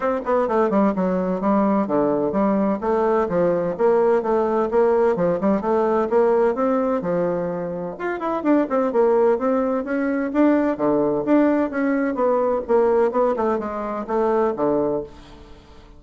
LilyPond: \new Staff \with { instrumentName = "bassoon" } { \time 4/4 \tempo 4 = 128 c'8 b8 a8 g8 fis4 g4 | d4 g4 a4 f4 | ais4 a4 ais4 f8 g8 | a4 ais4 c'4 f4~ |
f4 f'8 e'8 d'8 c'8 ais4 | c'4 cis'4 d'4 d4 | d'4 cis'4 b4 ais4 | b8 a8 gis4 a4 d4 | }